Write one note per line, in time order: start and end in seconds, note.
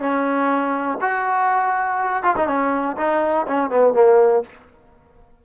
0.00 0.98 C#4
1.02 2.24 F#4
2.24 2.36 F4
2.37 2.48 D#4
2.48 2.97 C#4
2.98 3.47 D#4
3.48 3.70 C#4
3.70 3.94 B3
3.94 4.43 A#3